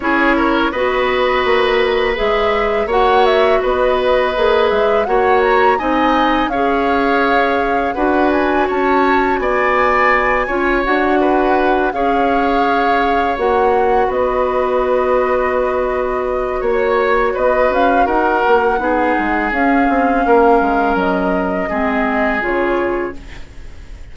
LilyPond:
<<
  \new Staff \with { instrumentName = "flute" } { \time 4/4 \tempo 4 = 83 cis''4 dis''2 e''4 | fis''8 e''8 dis''4. e''8 fis''8 ais''8 | gis''4 f''2 fis''8 gis''8 | a''4 gis''2 fis''4~ |
fis''8 f''2 fis''4 dis''8~ | dis''2. cis''4 | dis''8 f''8 fis''2 f''4~ | f''4 dis''2 cis''4 | }
  \new Staff \with { instrumentName = "oboe" } { \time 4/4 gis'8 ais'8 b'2. | cis''4 b'2 cis''4 | dis''4 cis''2 b'4 | cis''4 d''4. cis''4 b'8~ |
b'8 cis''2. b'8~ | b'2. cis''4 | b'4 ais'4 gis'2 | ais'2 gis'2 | }
  \new Staff \with { instrumentName = "clarinet" } { \time 4/4 e'4 fis'2 gis'4 | fis'2 gis'4 fis'4 | dis'4 gis'2 fis'4~ | fis'2~ fis'8 f'8 fis'4~ |
fis'8 gis'2 fis'4.~ | fis'1~ | fis'2 dis'4 cis'4~ | cis'2 c'4 f'4 | }
  \new Staff \with { instrumentName = "bassoon" } { \time 4/4 cis'4 b4 ais4 gis4 | ais4 b4 ais8 gis8 ais4 | c'4 cis'2 d'4 | cis'4 b4. cis'8 d'4~ |
d'8 cis'2 ais4 b8~ | b2. ais4 | b8 cis'8 dis'8 ais8 b8 gis8 cis'8 c'8 | ais8 gis8 fis4 gis4 cis4 | }
>>